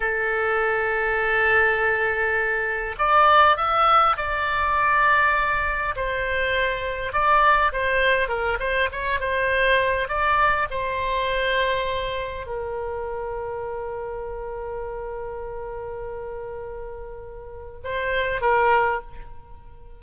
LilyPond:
\new Staff \with { instrumentName = "oboe" } { \time 4/4 \tempo 4 = 101 a'1~ | a'4 d''4 e''4 d''4~ | d''2 c''2 | d''4 c''4 ais'8 c''8 cis''8 c''8~ |
c''4 d''4 c''2~ | c''4 ais'2.~ | ais'1~ | ais'2 c''4 ais'4 | }